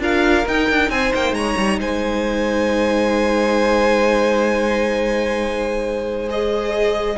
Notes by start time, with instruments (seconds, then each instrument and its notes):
0.00 cello D4, viola F4, violin A#4 F5
0.47 viola D#4, cello D#4, violin G5
0.71 cello D4
0.90 cello C4, violin C5 G#5
1.15 cello A#3, violin G5
1.33 cello G#3, violin C#5 A#5
1.58 cello G3
1.79 cello G#3, violin C5 G#5
6.28 viola G#4, violin D#5